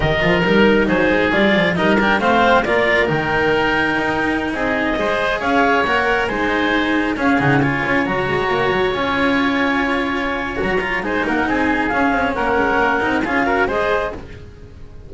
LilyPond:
<<
  \new Staff \with { instrumentName = "clarinet" } { \time 4/4 \tempo 4 = 136 dis''4 ais'4 c''4 d''4 | dis''8 g''8 f''4 d''4 g''4~ | g''2~ g''16 dis''4.~ dis''16~ | dis''16 f''4 fis''4 gis''4.~ gis''16~ |
gis''16 f''8 fis''8 gis''4 ais''4.~ ais''16~ | ais''16 gis''2.~ gis''8. | ais''4 gis''8 fis''8 gis''4 f''4 | fis''2 f''4 dis''4 | }
  \new Staff \with { instrumentName = "oboe" } { \time 4/4 ais'2 gis'2 | ais'4 c''4 ais'2~ | ais'2~ ais'16 gis'4 c''8.~ | c''16 cis''2 c''4.~ c''16~ |
c''16 gis'4 cis''2~ cis''8.~ | cis''1~ | cis''4 c''8 ais'8 gis'2 | ais'2 gis'8 ais'8 c''4 | }
  \new Staff \with { instrumentName = "cello" } { \time 4/4 g'8 f'8 dis'2 f'4 | dis'8 d'8 c'4 f'4 dis'4~ | dis'2.~ dis'16 gis'8.~ | gis'4~ gis'16 ais'4 dis'4.~ dis'16~ |
dis'16 cis'8 dis'8 f'4 fis'4.~ fis'16~ | fis'16 f'2.~ f'8. | fis'8 f'8 dis'2 cis'4~ | cis'4. dis'8 f'8 fis'8 gis'4 | }
  \new Staff \with { instrumentName = "double bass" } { \time 4/4 dis8 f8 g4 fis8 gis8 g8 f8 | g4 a4 ais4 dis4~ | dis4 dis'4~ dis'16 c'4 gis8.~ | gis16 cis'4 ais4 gis4.~ gis16~ |
gis16 cis'8 cis4 cis'8 fis8 gis8 ais8 fis16~ | fis16 cis'2.~ cis'8. | fis4 gis8 ais8 c'4 cis'8 c'8 | ais8 gis8 ais8 c'8 cis'4 gis4 | }
>>